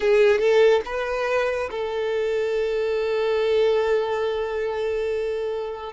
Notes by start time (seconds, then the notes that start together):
0.00 G#4
0.39 A4
0.85 B4
1.71 A4